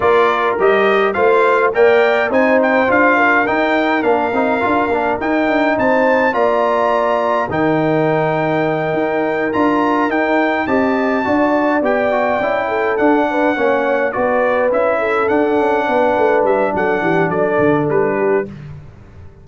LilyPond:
<<
  \new Staff \with { instrumentName = "trumpet" } { \time 4/4 \tempo 4 = 104 d''4 dis''4 f''4 g''4 | gis''8 g''8 f''4 g''4 f''4~ | f''4 g''4 a''4 ais''4~ | ais''4 g''2.~ |
g''8 ais''4 g''4 a''4.~ | a''8 g''2 fis''4.~ | fis''8 d''4 e''4 fis''4.~ | fis''8 e''8 fis''4 d''4 b'4 | }
  \new Staff \with { instrumentName = "horn" } { \time 4/4 ais'2 c''4 d''4 | c''4. ais'2~ ais'8~ | ais'2 c''4 d''4~ | d''4 ais'2.~ |
ais'2~ ais'8 dis''4 d''8~ | d''2 a'4 b'8 cis''8~ | cis''8 b'4. a'4. b'8~ | b'4 a'8 g'8 a'4. g'8 | }
  \new Staff \with { instrumentName = "trombone" } { \time 4/4 f'4 g'4 f'4 ais'4 | dis'4 f'4 dis'4 d'8 dis'8 | f'8 d'8 dis'2 f'4~ | f'4 dis'2.~ |
dis'8 f'4 dis'4 g'4 fis'8~ | fis'8 g'8 fis'8 e'4 d'4 cis'8~ | cis'8 fis'4 e'4 d'4.~ | d'1 | }
  \new Staff \with { instrumentName = "tuba" } { \time 4/4 ais4 g4 a4 ais4 | c'4 d'4 dis'4 ais8 c'8 | d'8 ais8 dis'8 d'8 c'4 ais4~ | ais4 dis2~ dis8 dis'8~ |
dis'8 d'4 dis'4 c'4 d'8~ | d'8 b4 cis'4 d'4 ais8~ | ais8 b4 cis'4 d'8 cis'8 b8 | a8 g8 fis8 e8 fis8 d8 g4 | }
>>